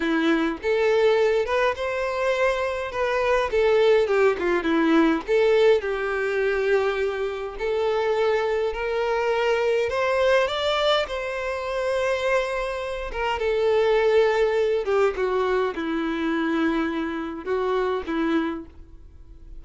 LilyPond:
\new Staff \with { instrumentName = "violin" } { \time 4/4 \tempo 4 = 103 e'4 a'4. b'8 c''4~ | c''4 b'4 a'4 g'8 f'8 | e'4 a'4 g'2~ | g'4 a'2 ais'4~ |
ais'4 c''4 d''4 c''4~ | c''2~ c''8 ais'8 a'4~ | a'4. g'8 fis'4 e'4~ | e'2 fis'4 e'4 | }